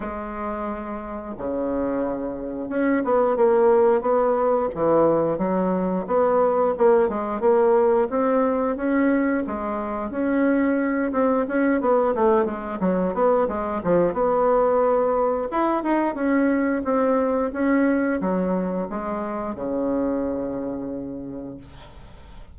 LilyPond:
\new Staff \with { instrumentName = "bassoon" } { \time 4/4 \tempo 4 = 89 gis2 cis2 | cis'8 b8 ais4 b4 e4 | fis4 b4 ais8 gis8 ais4 | c'4 cis'4 gis4 cis'4~ |
cis'8 c'8 cis'8 b8 a8 gis8 fis8 b8 | gis8 f8 b2 e'8 dis'8 | cis'4 c'4 cis'4 fis4 | gis4 cis2. | }